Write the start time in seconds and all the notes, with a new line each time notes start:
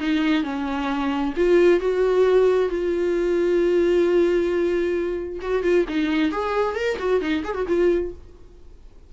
0.00 D#4
0.44 C#4
1.37 F4
1.80 F#4
2.69 F4
5.42 F#4
5.63 F4
5.89 D#4
6.32 G#4
6.76 A#4
6.99 F#4
7.21 D#4
7.45 G#4
7.55 F#4
7.68 F4